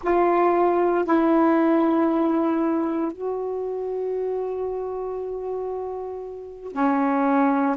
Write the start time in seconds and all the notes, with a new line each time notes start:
0.03 F4
1.04 E4
3.12 F#4
6.72 C#4